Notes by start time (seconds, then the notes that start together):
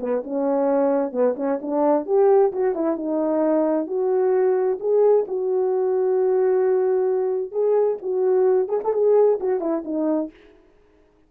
0.00 B3
0.24 C#4
1.12 B3
1.37 C#4
1.62 D4
2.06 G4
2.53 F#4
2.75 E4
2.96 D#4
3.87 F#4
4.80 G#4
5.28 F#4
7.52 G#4
8.02 F#4
8.68 G#4
8.84 A4
8.93 G#4
9.40 F#4
9.60 E4
9.85 D#4